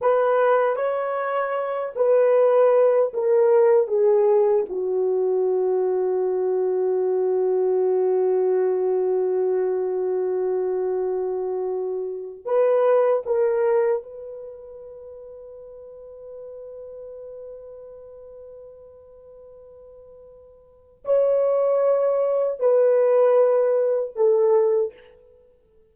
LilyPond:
\new Staff \with { instrumentName = "horn" } { \time 4/4 \tempo 4 = 77 b'4 cis''4. b'4. | ais'4 gis'4 fis'2~ | fis'1~ | fis'1 |
b'4 ais'4 b'2~ | b'1~ | b'2. cis''4~ | cis''4 b'2 a'4 | }